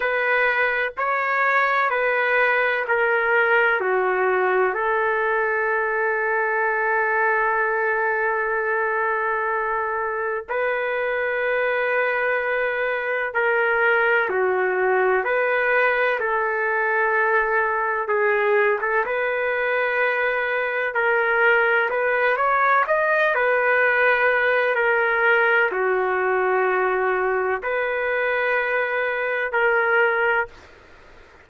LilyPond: \new Staff \with { instrumentName = "trumpet" } { \time 4/4 \tempo 4 = 63 b'4 cis''4 b'4 ais'4 | fis'4 a'2.~ | a'2. b'4~ | b'2 ais'4 fis'4 |
b'4 a'2 gis'8. a'16 | b'2 ais'4 b'8 cis''8 | dis''8 b'4. ais'4 fis'4~ | fis'4 b'2 ais'4 | }